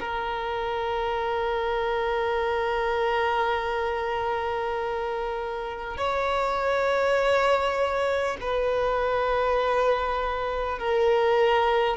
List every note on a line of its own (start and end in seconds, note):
0.00 5.97 A#4
5.97 8.37 C#5
8.41 10.78 B4
10.78 11.97 A#4